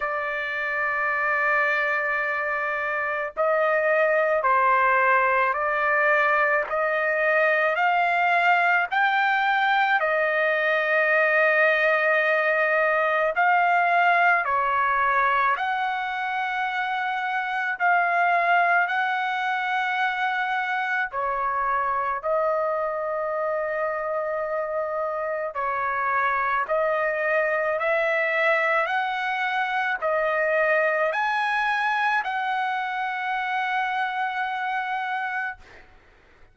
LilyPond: \new Staff \with { instrumentName = "trumpet" } { \time 4/4 \tempo 4 = 54 d''2. dis''4 | c''4 d''4 dis''4 f''4 | g''4 dis''2. | f''4 cis''4 fis''2 |
f''4 fis''2 cis''4 | dis''2. cis''4 | dis''4 e''4 fis''4 dis''4 | gis''4 fis''2. | }